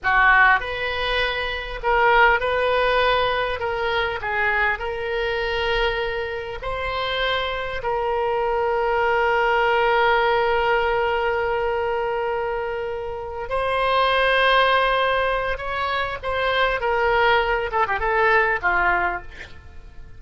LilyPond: \new Staff \with { instrumentName = "oboe" } { \time 4/4 \tempo 4 = 100 fis'4 b'2 ais'4 | b'2 ais'4 gis'4 | ais'2. c''4~ | c''4 ais'2.~ |
ais'1~ | ais'2~ ais'8 c''4.~ | c''2 cis''4 c''4 | ais'4. a'16 g'16 a'4 f'4 | }